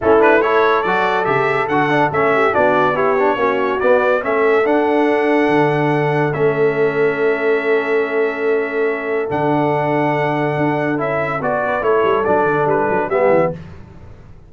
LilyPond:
<<
  \new Staff \with { instrumentName = "trumpet" } { \time 4/4 \tempo 4 = 142 a'8 b'8 cis''4 d''4 e''4 | fis''4 e''4 d''4 cis''4~ | cis''4 d''4 e''4 fis''4~ | fis''2. e''4~ |
e''1~ | e''2 fis''2~ | fis''2 e''4 d''4 | cis''4 d''4 b'4 e''4 | }
  \new Staff \with { instrumentName = "horn" } { \time 4/4 e'4 a'2.~ | a'4. g'8 fis'4 g'4 | fis'2 a'2~ | a'1~ |
a'1~ | a'1~ | a'2.~ a'8 b'8 | a'2. g'4 | }
  \new Staff \with { instrumentName = "trombone" } { \time 4/4 cis'8 d'8 e'4 fis'4 g'4 | fis'8 d'8 cis'4 d'4 e'8 d'8 | cis'4 b4 cis'4 d'4~ | d'2. cis'4~ |
cis'1~ | cis'2 d'2~ | d'2 e'4 fis'4 | e'4 d'2 b4 | }
  \new Staff \with { instrumentName = "tuba" } { \time 4/4 a2 fis4 cis4 | d4 a4 b2 | ais4 b4 a4 d'4~ | d'4 d2 a4~ |
a1~ | a2 d2~ | d4 d'4 cis'4 b4 | a8 g8 fis8 d8 g8 fis8 g8 e8 | }
>>